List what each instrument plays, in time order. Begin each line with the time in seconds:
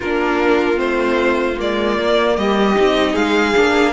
0.00 cello A#3, viola D4, violin F4 A#4
0.75 cello A3, viola C4, violin C5
1.57 cello G#3, viola A#3, violin D5
1.98 cello A#3
2.36 cello G3, violin G4 D#5
2.75 cello C4, viola D#4
3.13 cello G#3, violin G#4 F5
3.55 cello A#3, viola D4